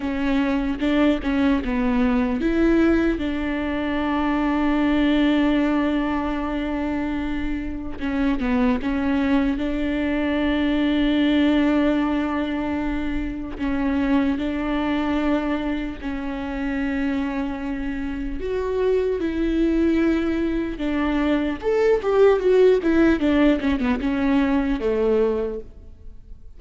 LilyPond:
\new Staff \with { instrumentName = "viola" } { \time 4/4 \tempo 4 = 75 cis'4 d'8 cis'8 b4 e'4 | d'1~ | d'2 cis'8 b8 cis'4 | d'1~ |
d'4 cis'4 d'2 | cis'2. fis'4 | e'2 d'4 a'8 g'8 | fis'8 e'8 d'8 cis'16 b16 cis'4 a4 | }